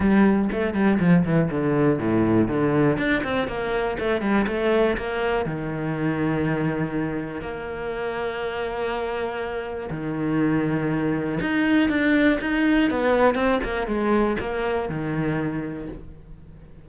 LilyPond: \new Staff \with { instrumentName = "cello" } { \time 4/4 \tempo 4 = 121 g4 a8 g8 f8 e8 d4 | a,4 d4 d'8 c'8 ais4 | a8 g8 a4 ais4 dis4~ | dis2. ais4~ |
ais1 | dis2. dis'4 | d'4 dis'4 b4 c'8 ais8 | gis4 ais4 dis2 | }